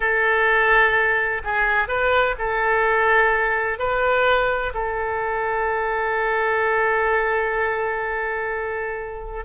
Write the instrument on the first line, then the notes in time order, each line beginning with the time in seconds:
oboe
0.00 A4
1.43 G#4
1.88 B4
2.38 A4
3.78 B4
4.74 A4